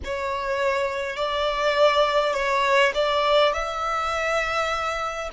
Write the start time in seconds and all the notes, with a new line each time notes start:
0.04 C#5
1.16 D5
2.33 C#5
2.94 D5
3.53 E5